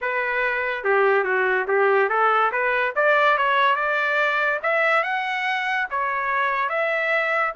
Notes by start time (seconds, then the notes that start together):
0.01 B4
0.84 G4
1.24 F#4
1.67 G4
2.09 A4
2.51 B4
2.95 D5
3.37 C#5
3.75 D5
4.63 E5
5.03 F#5
5.90 C#5
6.69 E5